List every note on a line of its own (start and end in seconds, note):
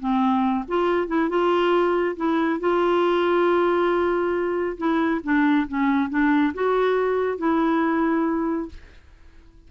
0.00 0.65 C4
0.69 1.08 F4
1.08 1.30 E4
1.30 2.17 F4
2.17 2.60 E4
2.60 4.78 F4
4.78 5.22 E4
5.24 5.68 D4
5.68 6.10 C#4
6.10 6.54 D4
6.55 7.39 F#4
7.39 8.69 E4